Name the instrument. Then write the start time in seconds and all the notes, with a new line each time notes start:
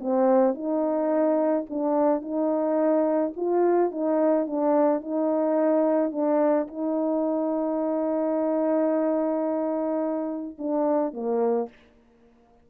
horn
0.00 C4
0.55 D#4
1.70 D4
2.22 D#4
3.37 F4
3.91 D#4
4.47 D4
5.02 D#4
6.12 D4
6.68 D#4
10.59 D4
11.14 A#3